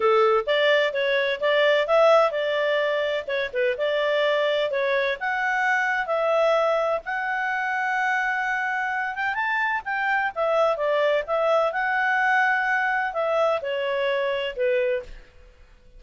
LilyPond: \new Staff \with { instrumentName = "clarinet" } { \time 4/4 \tempo 4 = 128 a'4 d''4 cis''4 d''4 | e''4 d''2 cis''8 b'8 | d''2 cis''4 fis''4~ | fis''4 e''2 fis''4~ |
fis''2.~ fis''8 g''8 | a''4 g''4 e''4 d''4 | e''4 fis''2. | e''4 cis''2 b'4 | }